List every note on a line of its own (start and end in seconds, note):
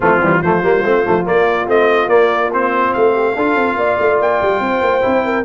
0.00 0.19 F3
0.00 0.21 A3
0.00 0.39 C4
0.00 0.42 F4
0.20 0.41 E3
0.20 0.43 G3
0.39 0.62 F3
0.39 0.63 A3
0.39 3.12 F4
0.39 1.26 C5
0.63 0.84 G3
0.63 0.84 A#3
0.84 1.05 A3
0.84 1.05 C4
1.05 1.27 F3
1.05 1.24 A3
1.24 1.66 A#3
1.24 1.67 A#3
1.24 1.69 D5
1.66 2.06 A3
1.66 2.08 C4
1.66 2.08 D#5
2.06 2.90 A#3
2.06 2.50 A#3
2.06 2.50 D5
2.52 3.36 C4
2.52 2.93 C5
2.93 3.36 A3
2.93 4.19 F5
3.12 3.33 G4
3.35 3.55 D4
3.35 5.01 F4
3.35 3.77 A4
3.55 3.76 C4
3.76 3.97 A#3
3.76 4.61 D5
3.99 4.19 A3
4.19 4.40 A#3
4.19 5.44 G5
4.41 4.60 G3
4.60 4.81 C4
4.60 5.24 C5
4.81 5.02 A#3
5.01 5.44 C4
5.01 5.43 E4
5.24 5.44 A#4